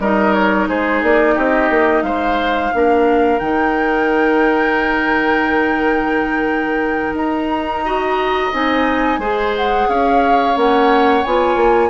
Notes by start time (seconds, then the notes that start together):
0.00 G3 D#4 A#4 D#5
0.34 C#5
0.69 G#3 G#4 C5
1.03 A#3 D5
1.35 C4 G4 D#5
1.70 A#3
2.03 G#3 C5 F5
2.74 A#3 D4 A#4
3.39 D#3 D#4 G5
7.14 D#4 A#5
7.85 F#4 D#5
8.53 C4 D#4 G#5
9.19 G#3 G#4 C5
9.57 F#5
9.89 C#4 C#5 F5
10.56 A#3 C#4 F#5
11.24 B3 F4 G#5
11.56 A#3